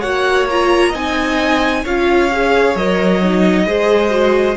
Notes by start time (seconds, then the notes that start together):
0.00 A#3 F#4 C#5 F#5
0.50 F4 A#5
0.89 C4 D#4 D#5 G#5
1.84 C#4 F4 C#5 F5
2.32 G#4
2.75 F#3 A#4 D#5
3.22 D#4
3.66 G#3 G#4 C5
4.10 F#4